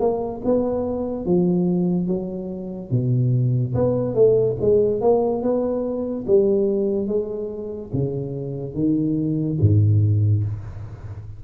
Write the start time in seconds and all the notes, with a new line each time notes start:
0.00 A#3
0.45 B3
1.26 F3
2.08 F#3
2.91 B2
3.75 B3
4.15 A3
4.61 G#3
5.01 A#3
5.42 B3
6.28 G3
7.08 G#3
7.93 C#3
8.74 D#3
9.61 G#2